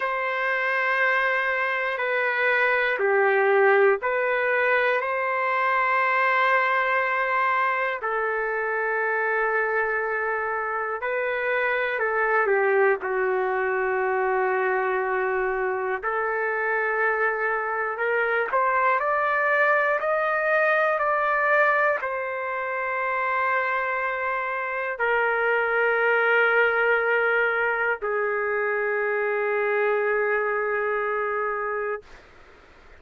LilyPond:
\new Staff \with { instrumentName = "trumpet" } { \time 4/4 \tempo 4 = 60 c''2 b'4 g'4 | b'4 c''2. | a'2. b'4 | a'8 g'8 fis'2. |
a'2 ais'8 c''8 d''4 | dis''4 d''4 c''2~ | c''4 ais'2. | gis'1 | }